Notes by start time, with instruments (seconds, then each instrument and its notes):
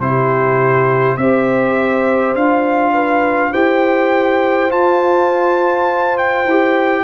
0.00 tuba C3, trombone E4, horn G4, trumpet C5
1.17 tuba C4, trombone G4, horn C5, trumpet E5
2.35 tuba D4, trombone F4, trumpet F5
2.94 horn B4
3.51 tuba E4, trombone G4, horn C5, trumpet G5
4.69 trombone F4, tuba F4, trumpet A5
6.18 trumpet G5
6.46 tuba E4, trombone G4